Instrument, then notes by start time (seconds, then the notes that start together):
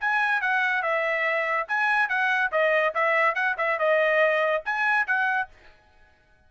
trumpet
0.00 G#5
0.41 F#5
0.82 E5
1.68 G#5
2.08 F#5
2.51 D#5
2.94 E5
3.35 F#5
3.57 E5
3.78 D#5
4.65 G#5
5.06 F#5